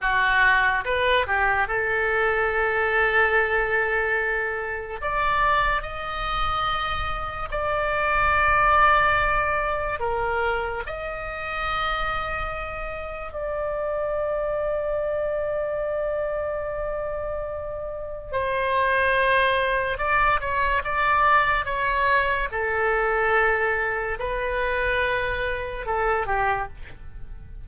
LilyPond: \new Staff \with { instrumentName = "oboe" } { \time 4/4 \tempo 4 = 72 fis'4 b'8 g'8 a'2~ | a'2 d''4 dis''4~ | dis''4 d''2. | ais'4 dis''2. |
d''1~ | d''2 c''2 | d''8 cis''8 d''4 cis''4 a'4~ | a'4 b'2 a'8 g'8 | }